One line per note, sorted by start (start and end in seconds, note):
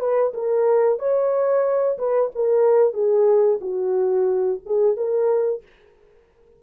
0.00 0.33 B4
0.34 1.00 A#4
1.00 1.98 C#5
1.98 2.31 B4
2.35 2.94 A#4
2.94 3.60 G#4
3.61 4.60 F#4
4.66 4.97 G#4
4.97 5.63 A#4